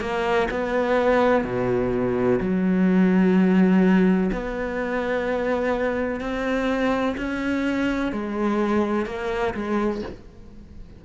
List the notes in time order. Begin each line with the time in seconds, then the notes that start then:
0.00 A#3
0.50 B3
1.44 B2
2.40 F#3
4.32 B3
6.20 C4
7.17 C#4
8.12 G#3
9.06 A#3
9.54 G#3